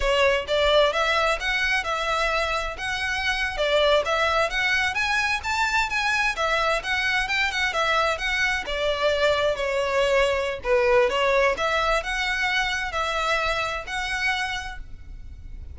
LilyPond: \new Staff \with { instrumentName = "violin" } { \time 4/4 \tempo 4 = 130 cis''4 d''4 e''4 fis''4 | e''2 fis''4.~ fis''16 d''16~ | d''8. e''4 fis''4 gis''4 a''16~ | a''8. gis''4 e''4 fis''4 g''16~ |
g''16 fis''8 e''4 fis''4 d''4~ d''16~ | d''8. cis''2~ cis''16 b'4 | cis''4 e''4 fis''2 | e''2 fis''2 | }